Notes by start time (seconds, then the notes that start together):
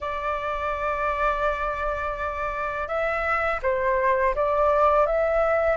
0.00 D5
2.88 E5
3.62 C5
4.35 D5
5.06 E5